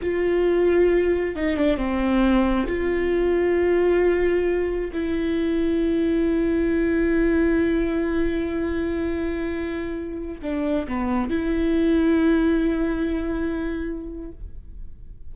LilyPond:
\new Staff \with { instrumentName = "viola" } { \time 4/4 \tempo 4 = 134 f'2. dis'8 d'8 | c'2 f'2~ | f'2. e'4~ | e'1~ |
e'1~ | e'2.~ e'16 d'8.~ | d'16 b4 e'2~ e'8.~ | e'1 | }